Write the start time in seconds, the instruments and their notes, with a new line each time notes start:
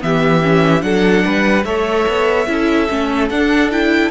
0.00 cello E3, viola B3, violin G4 E5
0.42 viola C#4
0.80 cello F#3, viola D4, violin A4 F#5
1.24 cello G3, violin B4
1.64 cello A3, viola A4, violin C#5 E5
2.08 cello B3
2.47 cello C#4, viola E4, violin A4
2.88 cello A3, viola C#4
3.29 cello D4, viola D4, violin F#5
3.70 viola E4, violin G5